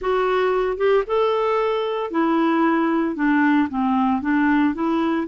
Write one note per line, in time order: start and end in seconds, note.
0.01 0.77 F#4
0.77 1.03 G4
1.06 2.11 A4
2.11 3.15 E4
3.15 3.68 D4
3.69 4.21 C4
4.21 4.74 D4
4.74 5.27 E4